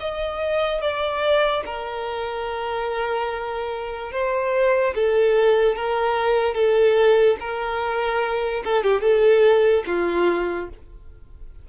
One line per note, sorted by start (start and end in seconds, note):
0.00 0.81 D#5
0.81 1.64 D5
1.66 4.12 A#4
4.12 4.94 C5
4.95 5.76 A4
5.76 6.55 A#4
6.55 7.37 A4
7.40 8.63 A#4
8.65 8.83 A4
8.83 9.01 G4
9.01 9.83 A4
9.86 10.68 F4